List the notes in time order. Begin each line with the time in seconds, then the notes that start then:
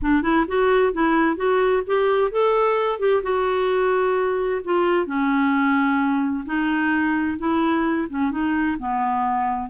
0.01 D4
0.22 E4
0.47 F#4
0.93 E4
1.36 F#4
1.86 G4
2.31 A4
2.99 G4
3.23 F#4
4.64 F4
5.06 C#4
6.45 D#4
7.38 E4
8.09 C#4
8.31 D#4
8.78 B3